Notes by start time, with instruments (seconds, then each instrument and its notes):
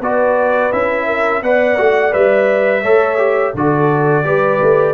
0.00 tuba B3, trombone F#4, horn B4, trumpet D5
0.72 tuba C#4, trombone E4, trumpet E5
1.06 horn A#4
1.42 tuba B3, trombone B4, horn D5, trumpet F#5
1.78 tuba A3, trombone F#4
2.11 tuba G3, trombone B4, trumpet E5
2.82 tuba A3, trombone A4, horn C#5
3.18 trombone G4
3.54 tuba D3, trombone F#4, horn A4, trumpet D5
4.24 tuba G3, trombone G4, horn B4
4.61 tuba A3